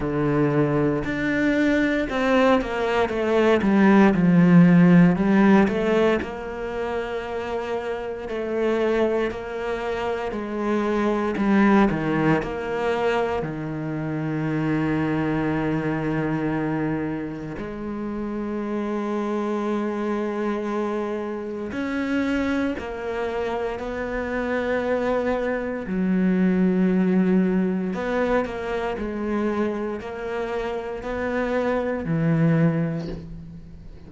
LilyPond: \new Staff \with { instrumentName = "cello" } { \time 4/4 \tempo 4 = 58 d4 d'4 c'8 ais8 a8 g8 | f4 g8 a8 ais2 | a4 ais4 gis4 g8 dis8 | ais4 dis2.~ |
dis4 gis2.~ | gis4 cis'4 ais4 b4~ | b4 fis2 b8 ais8 | gis4 ais4 b4 e4 | }